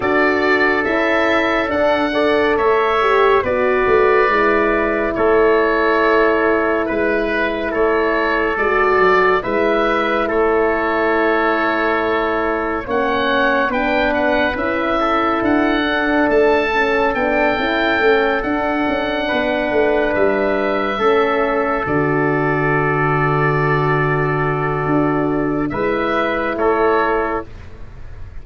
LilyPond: <<
  \new Staff \with { instrumentName = "oboe" } { \time 4/4 \tempo 4 = 70 d''4 e''4 fis''4 e''4 | d''2 cis''2 | b'4 cis''4 d''4 e''4 | cis''2. fis''4 |
g''8 fis''8 e''4 fis''4 a''4 | g''4. fis''2 e''8~ | e''4. d''2~ d''8~ | d''2 e''4 cis''4 | }
  \new Staff \with { instrumentName = "trumpet" } { \time 4/4 a'2~ a'8 d''8 cis''4 | b'2 a'2 | b'4 a'2 b'4 | a'2. cis''4 |
b'4. a'2~ a'8~ | a'2~ a'8 b'4.~ | b'8 a'2.~ a'8~ | a'2 b'4 a'4 | }
  \new Staff \with { instrumentName = "horn" } { \time 4/4 fis'4 e'4 d'8 a'4 g'8 | fis'4 e'2.~ | e'2 fis'4 e'4~ | e'2. cis'4 |
d'4 e'4. d'4 cis'8 | d'8 e'8 cis'8 d'2~ d'8~ | d'8 cis'4 fis'2~ fis'8~ | fis'2 e'2 | }
  \new Staff \with { instrumentName = "tuba" } { \time 4/4 d'4 cis'4 d'4 a4 | b8 a8 gis4 a2 | gis4 a4 gis8 fis8 gis4 | a2. ais4 |
b4 cis'4 d'4 a4 | b8 cis'8 a8 d'8 cis'8 b8 a8 g8~ | g8 a4 d2~ d8~ | d4 d'4 gis4 a4 | }
>>